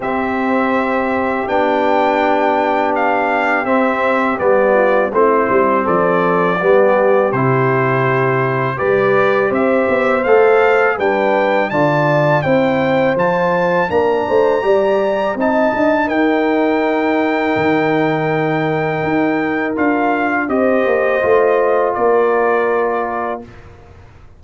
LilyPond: <<
  \new Staff \with { instrumentName = "trumpet" } { \time 4/4 \tempo 4 = 82 e''2 g''2 | f''4 e''4 d''4 c''4 | d''2 c''2 | d''4 e''4 f''4 g''4 |
a''4 g''4 a''4 ais''4~ | ais''4 a''4 g''2~ | g''2. f''4 | dis''2 d''2 | }
  \new Staff \with { instrumentName = "horn" } { \time 4/4 g'1~ | g'2~ g'8 f'8 e'4 | a'4 g'2. | b'4 c''2 b'4 |
d''4 c''2 ais'8 c''8 | d''4 dis''4 ais'2~ | ais'1 | c''2 ais'2 | }
  \new Staff \with { instrumentName = "trombone" } { \time 4/4 c'2 d'2~ | d'4 c'4 b4 c'4~ | c'4 b4 e'2 | g'2 a'4 d'4 |
f'4 e'4 f'4 d'4 | g'4 dis'2.~ | dis'2. f'4 | g'4 f'2. | }
  \new Staff \with { instrumentName = "tuba" } { \time 4/4 c'2 b2~ | b4 c'4 g4 a8 g8 | f4 g4 c2 | g4 c'8 b8 a4 g4 |
d4 c'4 f4 ais8 a8 | g4 c'8 d'8 dis'2 | dis2 dis'4 d'4 | c'8 ais8 a4 ais2 | }
>>